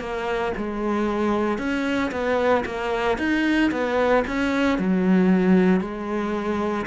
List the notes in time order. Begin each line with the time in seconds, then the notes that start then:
0.00 A#3
0.57 G#3
1.58 C#4
2.11 B3
2.66 A#3
3.18 D#4
3.71 B3
4.27 C#4
4.79 F#3
5.81 G#3